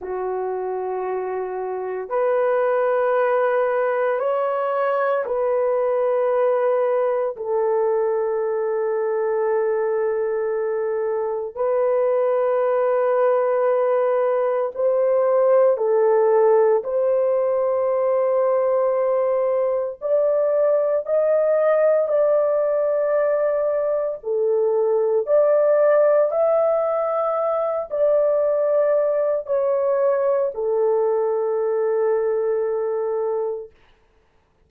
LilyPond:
\new Staff \with { instrumentName = "horn" } { \time 4/4 \tempo 4 = 57 fis'2 b'2 | cis''4 b'2 a'4~ | a'2. b'4~ | b'2 c''4 a'4 |
c''2. d''4 | dis''4 d''2 a'4 | d''4 e''4. d''4. | cis''4 a'2. | }